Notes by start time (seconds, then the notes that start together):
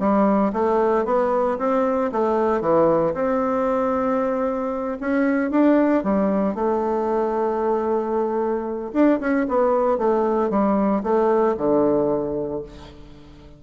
0.00 G3
0.53 A3
1.06 B3
1.59 C4
2.12 A3
2.61 E3
3.14 C4
5.01 C#4
5.51 D4
6.04 G3
6.56 A3
8.94 D4
9.21 C#4
9.49 B3
9.99 A3
10.51 G3
11.04 A3
11.58 D3